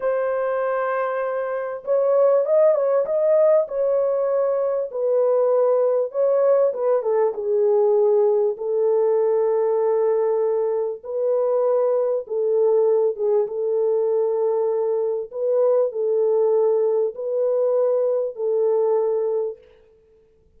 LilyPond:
\new Staff \with { instrumentName = "horn" } { \time 4/4 \tempo 4 = 98 c''2. cis''4 | dis''8 cis''8 dis''4 cis''2 | b'2 cis''4 b'8 a'8 | gis'2 a'2~ |
a'2 b'2 | a'4. gis'8 a'2~ | a'4 b'4 a'2 | b'2 a'2 | }